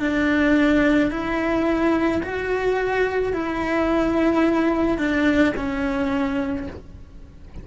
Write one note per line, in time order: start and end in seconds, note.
0.00 1.11 D4
1.11 2.22 E4
2.23 3.33 F#4
3.33 4.98 E4
4.98 5.54 D4
5.57 6.68 C#4